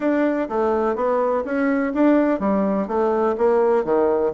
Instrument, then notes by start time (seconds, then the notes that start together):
bassoon
0.00 D4
0.48 A3
0.95 B3
1.44 C#4
1.93 D4
2.39 G3
2.87 A3
3.37 A#3
3.84 D#3